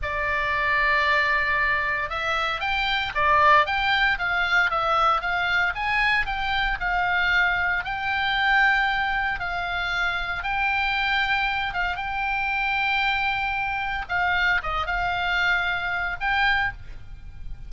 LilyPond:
\new Staff \with { instrumentName = "oboe" } { \time 4/4 \tempo 4 = 115 d''1 | e''4 g''4 d''4 g''4 | f''4 e''4 f''4 gis''4 | g''4 f''2 g''4~ |
g''2 f''2 | g''2~ g''8 f''8 g''4~ | g''2. f''4 | dis''8 f''2~ f''8 g''4 | }